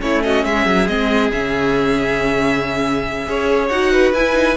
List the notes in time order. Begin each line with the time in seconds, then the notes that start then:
0.00 A3 C#4 E4 C#5
0.23 F#4 D#5
0.44 G#3 G#4 E5
0.66 F#3
0.87 G#3 C4 D#5
1.31 C#3 C#4 E5
3.26 C#4 G#4 C#5
3.68 D#4 F#4 F#5
3.92 B4
4.13 E4 G#5
4.33 D#4